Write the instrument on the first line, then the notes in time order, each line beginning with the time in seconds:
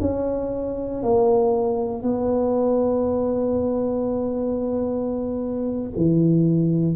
tuba
0.00 C#4
1.02 A#3
2.02 B3
5.96 E3